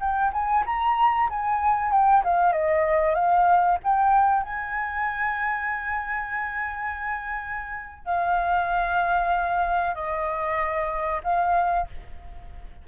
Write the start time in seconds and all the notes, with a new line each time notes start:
0.00 G5
0.33 G#5
0.66 A#5
1.29 G#5
1.92 G5
2.24 F5
2.52 D#5
3.15 F5
3.84 G5
4.43 G#5
8.05 F5
9.95 D#5
11.24 F5